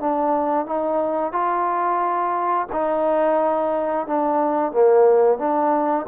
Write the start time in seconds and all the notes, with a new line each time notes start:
0.00 D4
0.66 D#4
1.32 F4
2.72 D#4
4.07 D4
4.72 A#3
5.38 D4